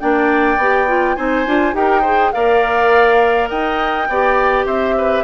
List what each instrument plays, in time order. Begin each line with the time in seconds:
0.00 bassoon A#3, clarinet D4, oboe D5, flute G5
0.58 bassoon B3, clarinet G4
0.88 clarinet F4
1.16 bassoon C4, clarinet D#4, oboe C5, flute G#5
1.46 bassoon D4, clarinet F4
1.73 bassoon D#4, clarinet G4, oboe A#4, flute G5
2.01 clarinet G#4, oboe C5
2.32 bassoon A#3, clarinet A#4, oboe D5, flute F5
3.49 bassoon D#4, oboe D#5, flute G5
4.08 bassoon B3, clarinet G4, oboe D5
4.66 bassoon C4, oboe C5, flute E5
4.98 oboe B4